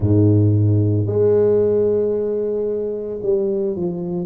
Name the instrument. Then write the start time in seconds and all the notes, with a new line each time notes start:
tuba
0.00 G#2
1.06 G#3
3.22 G3
3.75 F3